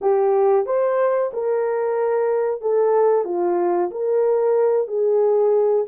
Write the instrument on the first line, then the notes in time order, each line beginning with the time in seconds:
horn
0.01 G4
0.66 C5
1.33 A#4
2.61 A4
3.25 F4
3.90 A#4
4.87 G#4